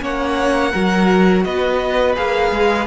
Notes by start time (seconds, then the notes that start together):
0.00 A#3 C#4 C#5 F#5
0.72 F#3 F#4 A#4
1.44 B3 B4 D#5
2.15 A#3 G#4 F5
2.51 G#3